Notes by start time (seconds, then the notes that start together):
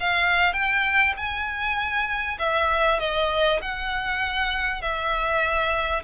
0.00 F5
0.53 G5
1.17 G#5
2.39 E5
2.99 D#5
3.62 F#5
4.82 E5